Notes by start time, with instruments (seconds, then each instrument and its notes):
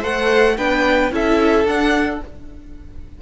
0.00 cello A3, viola A4, violin C5 F#5
0.58 cello B3, viola D4, violin B4 G5
1.12 cello C#4, viola E4, violin A4 E5
1.65 cello D4, viola D4, violin F#5